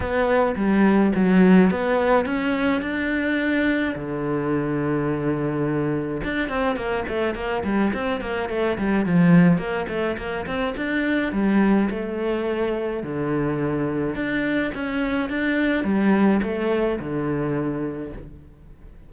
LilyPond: \new Staff \with { instrumentName = "cello" } { \time 4/4 \tempo 4 = 106 b4 g4 fis4 b4 | cis'4 d'2 d4~ | d2. d'8 c'8 | ais8 a8 ais8 g8 c'8 ais8 a8 g8 |
f4 ais8 a8 ais8 c'8 d'4 | g4 a2 d4~ | d4 d'4 cis'4 d'4 | g4 a4 d2 | }